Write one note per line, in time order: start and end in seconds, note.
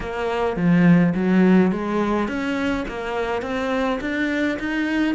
0.00 0.56 A#3
0.56 1.13 F3
1.14 1.71 F#3
1.71 2.28 G#3
2.28 2.85 C#4
2.88 3.42 A#3
3.42 3.99 C4
4.01 4.58 D4
4.59 5.14 D#4